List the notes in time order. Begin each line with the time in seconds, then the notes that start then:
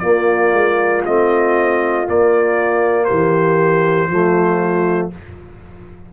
0.00 A#3 F4 D5
0.53 G#3
1.06 A3 C4 D#5
2.06 A#3 D5
3.05 G4 C5
3.11 E3
4.09 F3 A3 F4